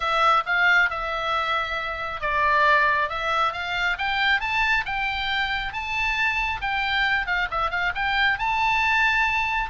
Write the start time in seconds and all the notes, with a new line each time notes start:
0.00 E5
0.46 F5
0.89 E5
2.20 D5
3.09 E5
3.53 F5
3.98 G5
4.40 A5
4.85 G5
5.72 A5
6.61 G5
7.26 F5
7.50 E5
7.70 F5
7.94 G5
8.38 A5